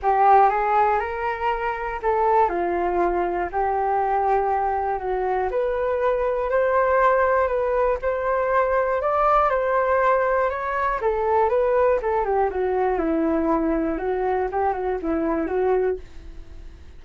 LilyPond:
\new Staff \with { instrumentName = "flute" } { \time 4/4 \tempo 4 = 120 g'4 gis'4 ais'2 | a'4 f'2 g'4~ | g'2 fis'4 b'4~ | b'4 c''2 b'4 |
c''2 d''4 c''4~ | c''4 cis''4 a'4 b'4 | a'8 g'8 fis'4 e'2 | fis'4 g'8 fis'8 e'4 fis'4 | }